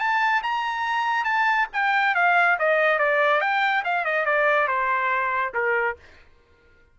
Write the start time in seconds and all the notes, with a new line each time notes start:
0.00 A5
0.43 A#5
1.25 A5
1.73 G5
2.15 F5
2.59 D#5
2.99 D5
3.41 G5
3.85 F5
4.05 D#5
4.26 D5
4.68 C5
5.54 A#4